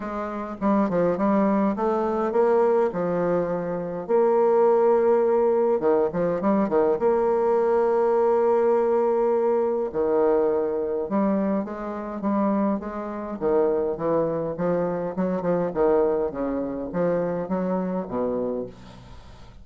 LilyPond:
\new Staff \with { instrumentName = "bassoon" } { \time 4/4 \tempo 4 = 103 gis4 g8 f8 g4 a4 | ais4 f2 ais4~ | ais2 dis8 f8 g8 dis8 | ais1~ |
ais4 dis2 g4 | gis4 g4 gis4 dis4 | e4 f4 fis8 f8 dis4 | cis4 f4 fis4 b,4 | }